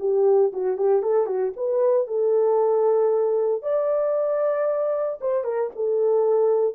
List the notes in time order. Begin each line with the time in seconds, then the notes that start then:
0.00 G4
0.53 F#4
0.78 G4
1.03 A4
1.27 F#4
1.57 B4
2.08 A4
3.63 D5
5.21 C5
5.45 A#4
5.76 A4